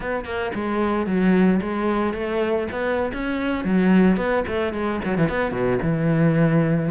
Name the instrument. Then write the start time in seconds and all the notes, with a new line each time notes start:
cello
0.00 B3
0.24 A#3
0.54 G#3
1.06 F#3
1.61 G#3
2.13 A3
2.71 B3
3.13 C#4
3.64 F#3
4.16 B3
4.47 A3
4.73 G#3
5.04 F#3
5.17 E3
5.28 B3
5.51 B2
5.82 E3